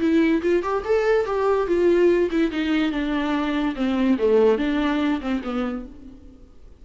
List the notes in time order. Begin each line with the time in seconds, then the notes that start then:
0.00 E4
0.42 F4
0.63 G4
0.85 A4
1.26 G4
1.67 F4
2.31 E4
2.51 D#4
2.92 D4
3.76 C4
4.19 A3
4.58 D4
5.21 C4
5.44 B3